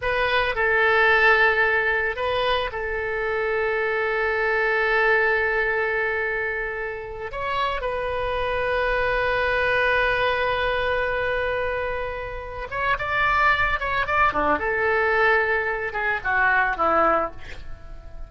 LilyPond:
\new Staff \with { instrumentName = "oboe" } { \time 4/4 \tempo 4 = 111 b'4 a'2. | b'4 a'2.~ | a'1~ | a'4. cis''4 b'4.~ |
b'1~ | b'2.~ b'8 cis''8 | d''4. cis''8 d''8 d'8 a'4~ | a'4. gis'8 fis'4 e'4 | }